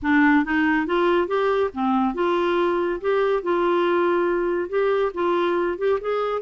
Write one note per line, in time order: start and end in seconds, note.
0.02 0.45 D4
0.45 0.86 D#4
0.86 1.27 F4
1.27 1.70 G4
1.73 2.14 C4
2.14 3.00 F4
3.00 3.42 G4
3.42 4.69 F4
4.69 5.12 G4
5.14 5.77 F4
5.77 5.99 G4
6.00 6.41 G#4